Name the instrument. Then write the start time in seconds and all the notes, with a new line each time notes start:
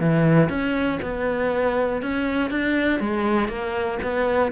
cello
0.00 E3
0.49 C#4
1.02 B3
2.02 C#4
2.50 D4
3.00 G#3
3.49 A#3
4.03 B3